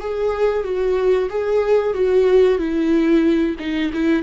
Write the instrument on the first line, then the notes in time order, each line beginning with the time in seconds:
viola
0.00 G#4
0.64 F#4
1.30 G#4
1.94 F#4
2.58 E4
3.59 D#4
3.93 E4